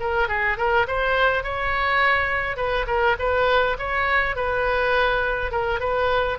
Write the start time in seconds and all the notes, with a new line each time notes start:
0.00 A#4
0.28 G#4
0.58 A#4
0.87 C5
1.44 C#5
2.57 B4
2.87 A#4
3.19 B4
3.79 C#5
4.36 B4
5.51 A#4
5.80 B4